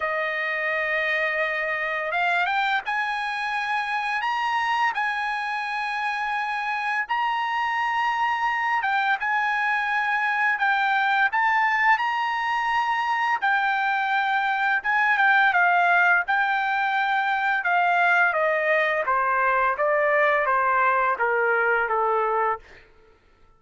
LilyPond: \new Staff \with { instrumentName = "trumpet" } { \time 4/4 \tempo 4 = 85 dis''2. f''8 g''8 | gis''2 ais''4 gis''4~ | gis''2 ais''2~ | ais''8 g''8 gis''2 g''4 |
a''4 ais''2 g''4~ | g''4 gis''8 g''8 f''4 g''4~ | g''4 f''4 dis''4 c''4 | d''4 c''4 ais'4 a'4 | }